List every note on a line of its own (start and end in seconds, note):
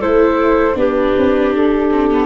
0.00 0.76 A3
0.00 0.75 E4
0.00 0.76 A4
0.00 0.78 C5
0.75 1.14 B3
0.75 1.89 D4
0.75 2.26 G4
0.75 1.55 B4
1.18 1.54 C4
1.54 2.26 D4
1.54 2.26 A4
1.92 2.11 C4
2.11 2.26 B3